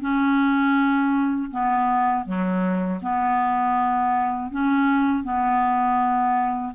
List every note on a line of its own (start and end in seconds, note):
0.00 1.50 C#4
1.50 2.25 B3
2.25 3.00 F#3
3.02 4.51 B3
4.51 5.23 C#4
5.23 6.73 B3